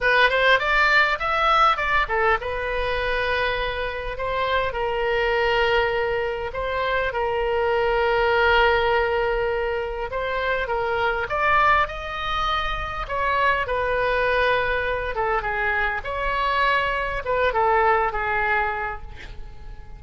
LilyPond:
\new Staff \with { instrumentName = "oboe" } { \time 4/4 \tempo 4 = 101 b'8 c''8 d''4 e''4 d''8 a'8 | b'2. c''4 | ais'2. c''4 | ais'1~ |
ais'4 c''4 ais'4 d''4 | dis''2 cis''4 b'4~ | b'4. a'8 gis'4 cis''4~ | cis''4 b'8 a'4 gis'4. | }